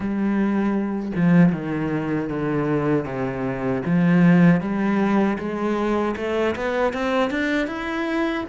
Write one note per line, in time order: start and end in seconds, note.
0.00 1.12 G3
1.15 1.52 F3
1.52 2.29 D#3
2.29 3.05 D3
3.05 3.82 C3
3.85 4.60 F3
4.60 5.37 G3
5.38 6.15 G#3
6.16 6.55 A3
6.55 6.93 B3
6.93 7.30 C4
7.30 7.67 D4
7.67 8.44 E4